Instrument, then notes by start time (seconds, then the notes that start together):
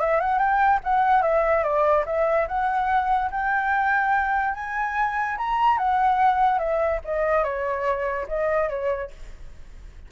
flute
0.00 E5
0.20 F#5
0.39 G5
0.84 F#5
1.22 E5
1.63 D5
2.06 E5
2.48 F#5
3.31 G5
4.54 G#5
5.37 A#5
5.78 F#5
6.59 E5
7.05 D#5
7.44 C#5
8.28 D#5
8.69 C#5